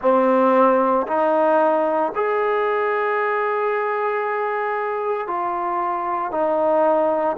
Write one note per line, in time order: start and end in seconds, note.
0.01 1.07 C4
1.07 2.12 D#4
2.15 5.27 G#4
5.27 6.31 F4
6.31 7.36 D#4